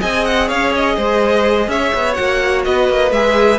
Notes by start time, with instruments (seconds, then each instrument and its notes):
0.00 cello C4, viola G#4, violin D#5 G#5
0.25 violin F#5
0.48 cello C#4, violin C#5 F5
0.76 violin D#5
0.97 cello G#3, violin C5
1.68 cello C#4, violin C#5 E5
1.95 cello B3
2.14 cello A#3, viola F#4, violin F#5
2.65 cello B3, violin B4 D#5
2.90 cello A#3
3.11 cello G#3, viola G#4, violin E5